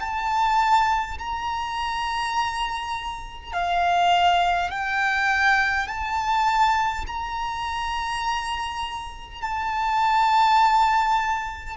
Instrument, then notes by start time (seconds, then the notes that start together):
violin
0.00 A5
1.19 A#5
3.53 F5
4.71 G5
5.88 A5
7.07 A#5
9.42 A5